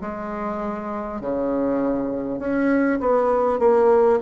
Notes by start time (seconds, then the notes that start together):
0.00 G#3
1.20 C#3
2.39 C#4
3.00 B3
3.59 A#3